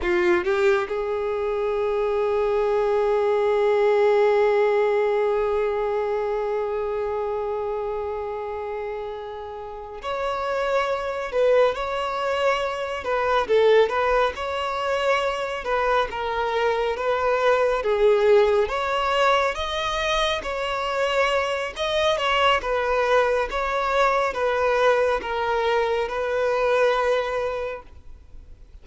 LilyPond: \new Staff \with { instrumentName = "violin" } { \time 4/4 \tempo 4 = 69 f'8 g'8 gis'2.~ | gis'1~ | gis'2.~ gis'8 cis''8~ | cis''4 b'8 cis''4. b'8 a'8 |
b'8 cis''4. b'8 ais'4 b'8~ | b'8 gis'4 cis''4 dis''4 cis''8~ | cis''4 dis''8 cis''8 b'4 cis''4 | b'4 ais'4 b'2 | }